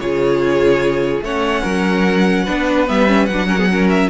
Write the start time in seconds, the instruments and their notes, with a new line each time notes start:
0.00 cello C#3, viola F4, violin G#4 C#5
1.21 cello A3, viola C#4, violin C#5 F#5
1.62 cello F#3, violin A#4
2.43 cello B3, viola D4, violin B4
2.87 cello G3, viola B3, violin E5
3.07 viola C#4
3.26 cello F#3, violin F#5
3.33 viola D4
3.47 viola C#4, violin A#4
3.58 viola B3, violin G#4
3.70 viola C#4, violin A#4
3.89 violin E5